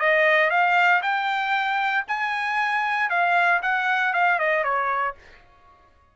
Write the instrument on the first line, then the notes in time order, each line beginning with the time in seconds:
trumpet
0.00 D#5
0.50 F5
1.02 G5
2.08 G#5
3.10 F5
3.62 F#5
4.13 F5
4.39 D#5
4.64 C#5